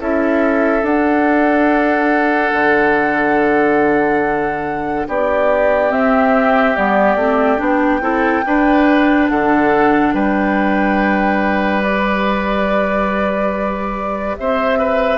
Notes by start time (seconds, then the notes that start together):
0.00 C#4 E4 A4 E5
0.83 D4 F#5
2.53 D3
5.08 B3 G4 D5
5.90 C4 E5
6.76 G3 B3 D5
7.16 A3 C4
7.58 B3 D4 G5
8.01 C4 E4 A4
8.46 D4 B4
9.29 D3 A4 F#5
10.13 G3 B4 G5
11.83 G4 D5
14.37 C4 C5 E5
14.79 B4